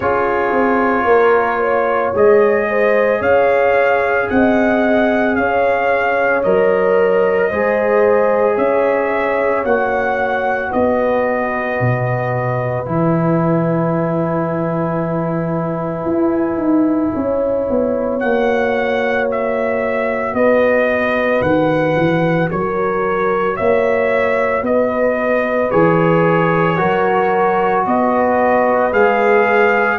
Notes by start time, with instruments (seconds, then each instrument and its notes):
0.00 tuba C#4, trombone F4, horn G#4, trumpet C#5
0.51 tuba C4
1.04 tuba A#3, horn A#4
1.60 horn C#5
2.14 tuba G#3, trombone G#4, trumpet D#5
2.69 horn C5
3.20 tuba C#4, horn C#5, trumpet F5
4.29 tuba C4, horn D#5, trumpet F#5
5.35 tuba C#4, horn C#5, trumpet F5
6.43 tuba F#3, trombone A#4, trumpet D#5
7.49 tuba G#3, trombone G#4, horn C5
8.55 tuba C#4, horn C#5, trumpet E5
9.64 tuba A#3, trombone F#4, trumpet F#5
10.68 tuba B3, horn B4, trumpet D#5
11.80 tuba B2
12.85 tuba E3, trombone E4, trumpet G#5
16.05 tuba E4
16.57 tuba D#4
17.15 tuba C#4, horn C#5
17.70 tuba B3
18.19 tuba A#3, trombone F#4, trumpet F#5
19.31 trumpet E5
20.34 tuba B3, horn B4, trumpet D#5
21.41 tuba D#3, trumpet F#5
21.96 tuba E3
22.50 tuba F#3, horn A#4, trumpet C#5
23.56 tuba A#3, horn C#5, trumpet E5
24.62 tuba B3, horn B4, trumpet D#5
25.70 tuba E3, trombone G#4, trumpet C#5
26.77 tuba F#3, trombone F#4, horn A#4
27.86 tuba B3, horn B4, trumpet D#5
28.92 tuba G#3, trombone G#4, trumpet F5